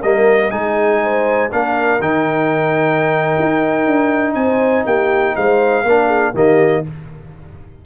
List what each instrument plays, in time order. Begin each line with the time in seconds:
0.00 tuba G3, trombone A#3, horn A#4, trumpet D#5
0.51 tuba G#3, trombone D#4, horn G#4, trumpet G#5
1.03 horn C5
1.51 tuba A#3, trombone D4, horn A#4, trumpet F5
2.00 tuba D#3, trombone D#4, trumpet G5
3.40 tuba D#4
3.87 tuba D4
4.35 tuba C4, horn C5, trumpet G#5
4.86 tuba A#3, horn G4, trumpet G5
5.36 tuba G#3, horn C5, trumpet F5
5.84 tuba A#3, trombone D4, horn A#4
6.07 horn G#4
6.34 tuba D#3, trombone A#3, horn G4, trumpet D#5